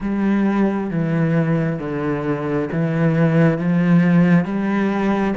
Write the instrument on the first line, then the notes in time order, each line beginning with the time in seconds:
cello
0.00 G3
0.90 E3
1.79 D3
2.72 E3
3.58 F3
4.45 G3